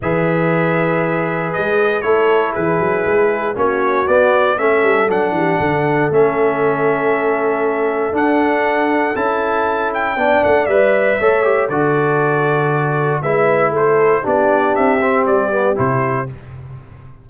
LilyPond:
<<
  \new Staff \with { instrumentName = "trumpet" } { \time 4/4 \tempo 4 = 118 e''2. dis''4 | cis''4 b'2 cis''4 | d''4 e''4 fis''2 | e''1 |
fis''2 a''4. g''8~ | g''8 fis''8 e''2 d''4~ | d''2 e''4 c''4 | d''4 e''4 d''4 c''4 | }
  \new Staff \with { instrumentName = "horn" } { \time 4/4 b'1 | a'4 gis'2 fis'4~ | fis'4 a'4. g'8 a'4~ | a'1~ |
a'1 | d''2 cis''4 a'4~ | a'2 b'4 a'4 | g'1 | }
  \new Staff \with { instrumentName = "trombone" } { \time 4/4 gis'1 | e'2. cis'4 | b4 cis'4 d'2 | cis'1 |
d'2 e'2 | d'4 b'4 a'8 g'8 fis'4~ | fis'2 e'2 | d'4. c'4 b8 e'4 | }
  \new Staff \with { instrumentName = "tuba" } { \time 4/4 e2. gis4 | a4 e8 fis8 gis4 ais4 | b4 a8 g8 fis8 e8 d4 | a1 |
d'2 cis'2 | b8 a8 g4 a4 d4~ | d2 gis4 a4 | b4 c'4 g4 c4 | }
>>